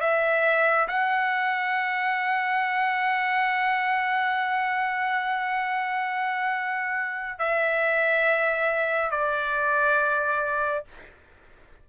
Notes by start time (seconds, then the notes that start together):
0.00 E5
0.88 F#5
7.39 E5
9.10 D5